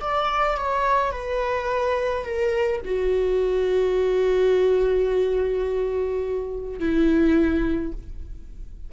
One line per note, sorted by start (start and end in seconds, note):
0.00 0.57 D5
0.57 1.11 C#5
1.11 2.24 B4
2.24 2.81 A#4
2.85 6.79 F#4
6.79 7.92 E4